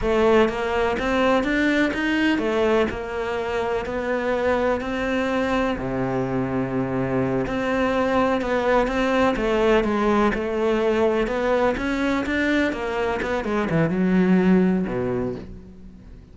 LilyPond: \new Staff \with { instrumentName = "cello" } { \time 4/4 \tempo 4 = 125 a4 ais4 c'4 d'4 | dis'4 a4 ais2 | b2 c'2 | c2.~ c8 c'8~ |
c'4. b4 c'4 a8~ | a8 gis4 a2 b8~ | b8 cis'4 d'4 ais4 b8 | gis8 e8 fis2 b,4 | }